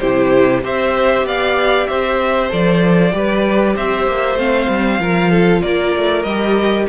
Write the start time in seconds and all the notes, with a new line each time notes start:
0.00 C3 E4 G4 C5
0.63 C4 G4 C5 E5
1.24 B3 D5 F5
1.88 C4 C5 E5
2.50 F3 A4 D5
3.13 G3 G4 B4
3.76 C4 C5 E5
4.08 A#3
4.36 A3 C4 F5
4.69 G3
5.00 F3 F4 A#4
5.31 A4
5.62 A#3 A#4 D5
5.96 A3
6.23 G3 G4 D#5